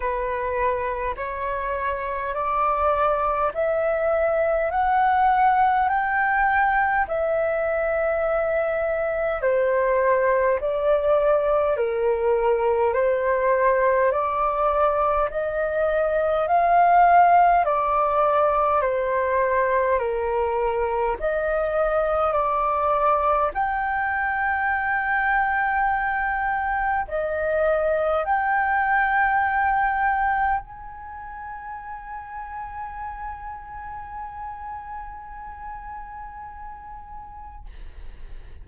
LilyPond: \new Staff \with { instrumentName = "flute" } { \time 4/4 \tempo 4 = 51 b'4 cis''4 d''4 e''4 | fis''4 g''4 e''2 | c''4 d''4 ais'4 c''4 | d''4 dis''4 f''4 d''4 |
c''4 ais'4 dis''4 d''4 | g''2. dis''4 | g''2 gis''2~ | gis''1 | }